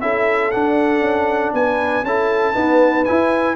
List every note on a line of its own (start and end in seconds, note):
0.00 0.52 C#4
0.00 0.52 E4
0.00 1.54 A4
0.00 0.51 E5
0.51 2.04 D4
0.51 1.01 D4
0.51 1.52 F#5
1.01 1.52 C#4
1.53 2.03 B3
1.53 2.06 B4
1.53 2.05 G#5
2.03 2.53 C#4
2.03 2.54 E4
2.03 2.54 A4
2.03 3.04 A5
2.54 3.04 B3
2.54 3.05 D#4
2.54 3.55 B4
3.04 3.55 E4
3.04 3.55 G#5